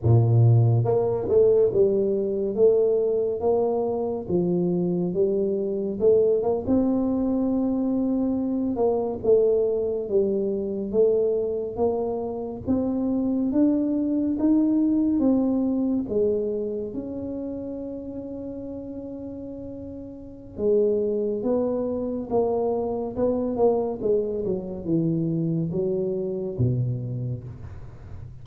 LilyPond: \new Staff \with { instrumentName = "tuba" } { \time 4/4 \tempo 4 = 70 ais,4 ais8 a8 g4 a4 | ais4 f4 g4 a8 ais16 c'16~ | c'2~ c'16 ais8 a4 g16~ | g8. a4 ais4 c'4 d'16~ |
d'8. dis'4 c'4 gis4 cis'16~ | cis'1 | gis4 b4 ais4 b8 ais8 | gis8 fis8 e4 fis4 b,4 | }